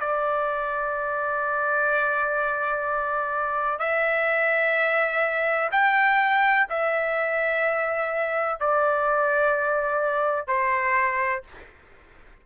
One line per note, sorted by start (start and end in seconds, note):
0.00 3.79 D5
3.79 5.69 E5
5.71 6.67 G5
6.69 8.60 E5
8.60 10.47 D5
10.47 11.42 C5